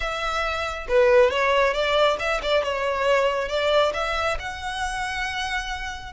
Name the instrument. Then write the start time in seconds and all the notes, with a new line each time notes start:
violin
0.00 E5
0.88 B4
1.30 C#5
1.73 D5
2.19 E5
2.42 D5
2.63 C#5
3.48 D5
3.93 E5
4.39 F#5